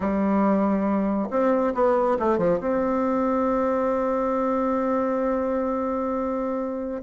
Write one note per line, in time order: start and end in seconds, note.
0.00 1.28 G3
1.30 1.73 C4
1.74 2.17 B3
2.19 2.38 A3
2.38 2.59 F3
2.60 7.02 C4